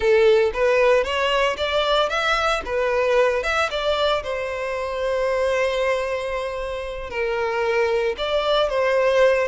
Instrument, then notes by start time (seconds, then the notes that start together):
violin
0.00 A4
0.53 B4
1.04 C#5
1.57 D5
2.09 E5
2.65 B4
3.43 E5
3.70 D5
4.23 C5
7.10 A#4
8.17 D5
8.69 C5